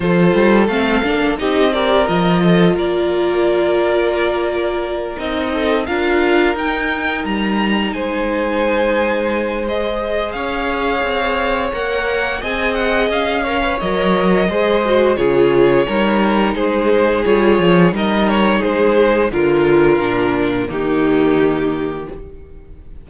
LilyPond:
<<
  \new Staff \with { instrumentName = "violin" } { \time 4/4 \tempo 4 = 87 c''4 f''4 dis''8 d''8 dis''4 | d''2.~ d''8 dis''8~ | dis''8 f''4 g''4 ais''4 gis''8~ | gis''2 dis''4 f''4~ |
f''4 fis''4 gis''8 fis''8 f''4 | dis''2 cis''2 | c''4 cis''4 dis''8 cis''8 c''4 | ais'2 g'2 | }
  \new Staff \with { instrumentName = "violin" } { \time 4/4 a'2 g'8 ais'4 a'8 | ais'1 | a'8 ais'2. c''8~ | c''2. cis''4~ |
cis''2 dis''4. cis''8~ | cis''4 c''4 gis'4 ais'4 | gis'2 ais'4 gis'4 | f'2 dis'2 | }
  \new Staff \with { instrumentName = "viola" } { \time 4/4 f'4 c'8 d'8 dis'8 g'8 f'4~ | f'2.~ f'8 dis'8~ | dis'8 f'4 dis'2~ dis'8~ | dis'2 gis'2~ |
gis'4 ais'4 gis'4. ais'16 b'16 | ais'4 gis'8 fis'8 f'4 dis'4~ | dis'4 f'4 dis'2 | f'4 d'4 ais2 | }
  \new Staff \with { instrumentName = "cello" } { \time 4/4 f8 g8 a8 ais8 c'4 f4 | ais2.~ ais8 c'8~ | c'8 d'4 dis'4 g4 gis8~ | gis2. cis'4 |
c'4 ais4 c'4 cis'4 | fis4 gis4 cis4 g4 | gis4 g8 f8 g4 gis4 | d4 ais,4 dis2 | }
>>